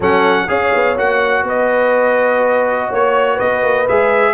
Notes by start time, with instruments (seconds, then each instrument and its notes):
0.00 tuba F#3, trombone C#4, horn A4, trumpet F#5
0.47 tuba C#4, trombone G#4, horn C#5, trumpet F5
0.74 tuba B3
0.97 tuba A#3, trombone F#4, trumpet F#5
1.43 tuba B3, horn B4, trumpet D#5
2.88 tuba A#3, horn C#5, trumpet C#5
3.34 horn B4, trumpet D#5
3.40 tuba B3
3.63 tuba A#3
3.88 tuba G#3, trombone G#4, trumpet E5